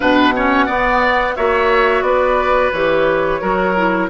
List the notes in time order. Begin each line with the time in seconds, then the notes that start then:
0.00 B2 D4 B4 F#5
0.35 C#4 C#5
0.66 B3 D5
1.36 A#3 F#4 C#5 E5
2.01 B3 B4 D5
2.71 E3 G4 C#5
3.40 F#3 F#4 A#4
3.76 E4